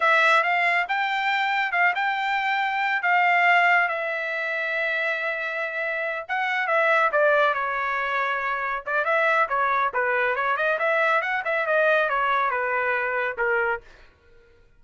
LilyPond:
\new Staff \with { instrumentName = "trumpet" } { \time 4/4 \tempo 4 = 139 e''4 f''4 g''2 | f''8 g''2~ g''8 f''4~ | f''4 e''2.~ | e''2~ e''8 fis''4 e''8~ |
e''8 d''4 cis''2~ cis''8~ | cis''8 d''8 e''4 cis''4 b'4 | cis''8 dis''8 e''4 fis''8 e''8 dis''4 | cis''4 b'2 ais'4 | }